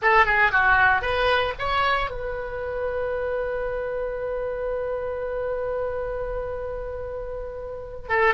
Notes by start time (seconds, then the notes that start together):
0.01 A4
0.25 G#4
0.51 F#4
1.01 B4
1.58 C#5
2.10 B4
8.08 A4